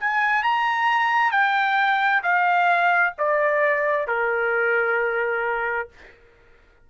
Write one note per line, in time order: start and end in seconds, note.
0.00 0.43 G#5
0.43 1.32 A#5
1.32 2.23 G5
2.23 3.14 F5
3.19 4.07 D5
4.07 5.89 A#4